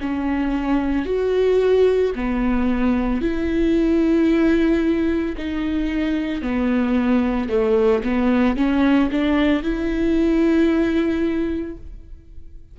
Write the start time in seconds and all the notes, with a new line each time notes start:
0.00 C#4
1.05 F#4
2.15 B3
3.21 E4
5.37 D#4
6.41 B3
7.49 A3
8.03 B3
8.56 C#4
9.11 D4
9.62 E4